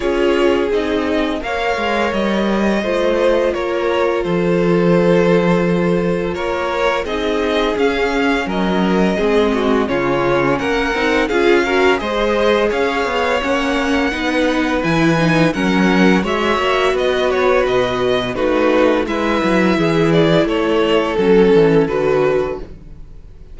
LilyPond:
<<
  \new Staff \with { instrumentName = "violin" } { \time 4/4 \tempo 4 = 85 cis''4 dis''4 f''4 dis''4~ | dis''4 cis''4 c''2~ | c''4 cis''4 dis''4 f''4 | dis''2 cis''4 fis''4 |
f''4 dis''4 f''4 fis''4~ | fis''4 gis''4 fis''4 e''4 | dis''8 cis''8 dis''4 b'4 e''4~ | e''8 d''8 cis''4 a'4 b'4 | }
  \new Staff \with { instrumentName = "violin" } { \time 4/4 gis'2 cis''2 | c''4 ais'4 a'2~ | a'4 ais'4 gis'2 | ais'4 gis'8 fis'8 f'4 ais'4 |
gis'8 ais'8 c''4 cis''2 | b'2 ais'4 cis''4 | b'2 fis'4 b'4 | gis'4 a'2. | }
  \new Staff \with { instrumentName = "viola" } { \time 4/4 f'4 dis'4 ais'2 | f'1~ | f'2 dis'4 cis'4~ | cis'4 c'4 cis'4. dis'8 |
f'8 fis'8 gis'2 cis'4 | dis'4 e'8 dis'8 cis'4 fis'4~ | fis'2 dis'4 e'4~ | e'2 cis'4 fis'4 | }
  \new Staff \with { instrumentName = "cello" } { \time 4/4 cis'4 c'4 ais8 gis8 g4 | a4 ais4 f2~ | f4 ais4 c'4 cis'4 | fis4 gis4 cis4 ais8 c'8 |
cis'4 gis4 cis'8 b8 ais4 | b4 e4 fis4 gis8 ais8 | b4 b,4 a4 gis8 fis8 | e4 a4 fis8 e8 d4 | }
>>